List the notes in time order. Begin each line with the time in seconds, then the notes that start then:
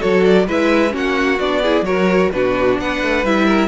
0.00 F#3 F#4 A4 C#5
0.24 D5
0.47 G#3 E4 B4 E5
0.90 A#3 C#4 F#4
0.97 F#5
1.40 B3 D4 D5
1.62 E4 G#4
1.82 F#3 F#4 A#4 C#5
2.32 B2 D4 F#4 B4
2.79 B3 B4 F#5
3.02 A3
3.24 G3 E4 E5
3.46 A#4